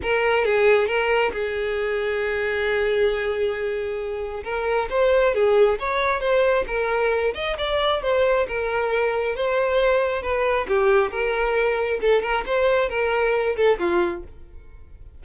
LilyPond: \new Staff \with { instrumentName = "violin" } { \time 4/4 \tempo 4 = 135 ais'4 gis'4 ais'4 gis'4~ | gis'1~ | gis'2 ais'4 c''4 | gis'4 cis''4 c''4 ais'4~ |
ais'8 dis''8 d''4 c''4 ais'4~ | ais'4 c''2 b'4 | g'4 ais'2 a'8 ais'8 | c''4 ais'4. a'8 f'4 | }